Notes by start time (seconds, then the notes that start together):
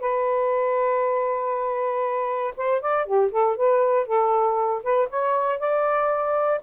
0.00 B4
2.57 C5
2.81 D5
3.06 G4
3.31 A4
3.57 B4
4.07 A4
4.83 B4
5.10 C#5
5.59 D5